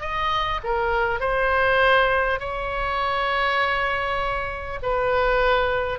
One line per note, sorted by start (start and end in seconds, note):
0.00 0.60 D#5
0.63 1.20 A#4
1.20 2.39 C5
2.39 4.79 C#5
4.82 5.99 B4